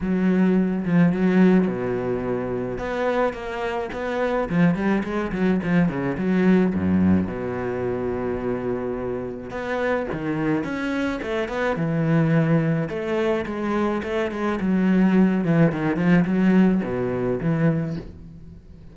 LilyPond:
\new Staff \with { instrumentName = "cello" } { \time 4/4 \tempo 4 = 107 fis4. f8 fis4 b,4~ | b,4 b4 ais4 b4 | f8 g8 gis8 fis8 f8 cis8 fis4 | fis,4 b,2.~ |
b,4 b4 dis4 cis'4 | a8 b8 e2 a4 | gis4 a8 gis8 fis4. e8 | dis8 f8 fis4 b,4 e4 | }